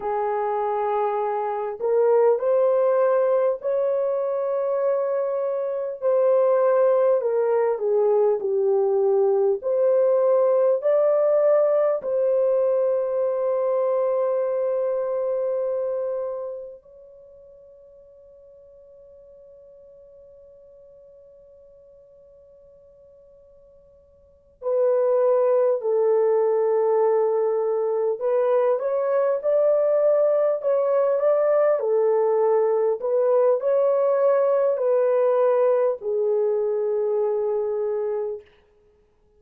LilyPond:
\new Staff \with { instrumentName = "horn" } { \time 4/4 \tempo 4 = 50 gis'4. ais'8 c''4 cis''4~ | cis''4 c''4 ais'8 gis'8 g'4 | c''4 d''4 c''2~ | c''2 cis''2~ |
cis''1~ | cis''8 b'4 a'2 b'8 | cis''8 d''4 cis''8 d''8 a'4 b'8 | cis''4 b'4 gis'2 | }